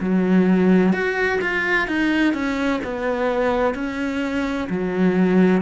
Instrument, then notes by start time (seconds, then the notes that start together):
cello
0.00 F#3
0.92 F#4
1.41 F4
1.87 D#4
2.34 C#4
2.84 B3
3.74 C#4
4.69 F#3